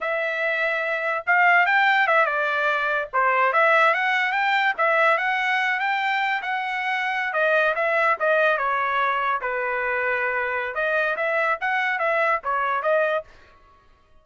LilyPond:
\new Staff \with { instrumentName = "trumpet" } { \time 4/4 \tempo 4 = 145 e''2. f''4 | g''4 e''8 d''2 c''8~ | c''8 e''4 fis''4 g''4 e''8~ | e''8 fis''4. g''4. fis''8~ |
fis''4.~ fis''16 dis''4 e''4 dis''16~ | dis''8. cis''2 b'4~ b'16~ | b'2 dis''4 e''4 | fis''4 e''4 cis''4 dis''4 | }